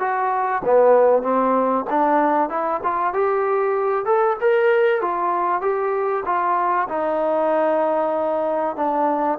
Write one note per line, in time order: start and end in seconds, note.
0.00 0.62 F#4
0.65 1.23 B3
1.23 1.86 C4
1.90 2.50 D4
2.50 2.81 E4
2.84 3.14 F4
3.14 4.06 G4
4.06 4.37 A4
4.41 5.02 A#4
5.02 5.62 F4
5.62 6.24 G4
6.26 6.88 F4
6.89 8.76 D#4
8.77 9.39 D4